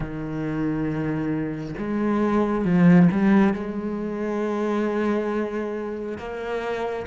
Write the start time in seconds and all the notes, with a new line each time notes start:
0.00 D#3
1.78 G#3
2.64 F3
3.11 G3
3.53 G#3
6.18 A#3